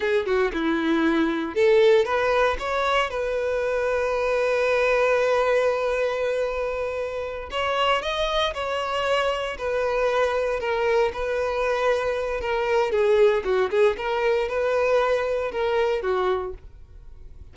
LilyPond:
\new Staff \with { instrumentName = "violin" } { \time 4/4 \tempo 4 = 116 gis'8 fis'8 e'2 a'4 | b'4 cis''4 b'2~ | b'1~ | b'2~ b'8 cis''4 dis''8~ |
dis''8 cis''2 b'4.~ | b'8 ais'4 b'2~ b'8 | ais'4 gis'4 fis'8 gis'8 ais'4 | b'2 ais'4 fis'4 | }